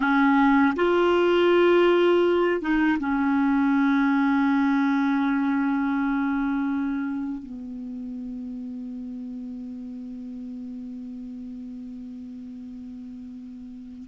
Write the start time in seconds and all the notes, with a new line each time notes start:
0.00 C#4
0.76 F4
2.61 D#4
2.99 C#4
7.42 B3